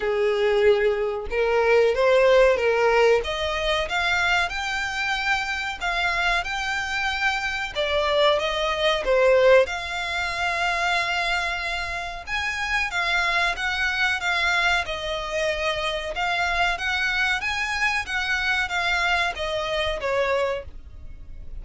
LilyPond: \new Staff \with { instrumentName = "violin" } { \time 4/4 \tempo 4 = 93 gis'2 ais'4 c''4 | ais'4 dis''4 f''4 g''4~ | g''4 f''4 g''2 | d''4 dis''4 c''4 f''4~ |
f''2. gis''4 | f''4 fis''4 f''4 dis''4~ | dis''4 f''4 fis''4 gis''4 | fis''4 f''4 dis''4 cis''4 | }